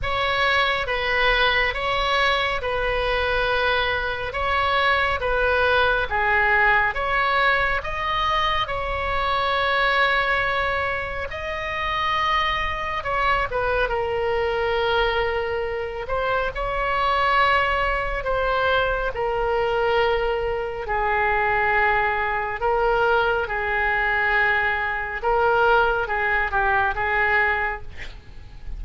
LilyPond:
\new Staff \with { instrumentName = "oboe" } { \time 4/4 \tempo 4 = 69 cis''4 b'4 cis''4 b'4~ | b'4 cis''4 b'4 gis'4 | cis''4 dis''4 cis''2~ | cis''4 dis''2 cis''8 b'8 |
ais'2~ ais'8 c''8 cis''4~ | cis''4 c''4 ais'2 | gis'2 ais'4 gis'4~ | gis'4 ais'4 gis'8 g'8 gis'4 | }